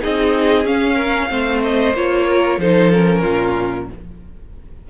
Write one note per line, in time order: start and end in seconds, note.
0.00 0.65 C4
0.00 0.65 D#4
0.00 0.95 G#4
0.00 0.66 D#5
0.65 1.29 C#4
0.65 1.30 C#4
0.65 1.63 F5
0.95 1.27 A#4
1.29 1.94 A3
1.29 1.93 C4
1.29 2.27 C5
1.63 1.96 D#5
1.94 2.58 A#3
1.94 2.60 F4
1.94 2.60 C#5
2.27 2.59 A#4
2.58 3.23 F3
2.58 2.93 D#4
2.58 3.21 A4
2.58 2.92 C5
2.92 3.90 C#4
2.92 3.89 A#4
3.21 3.89 A#2
3.21 3.86 F4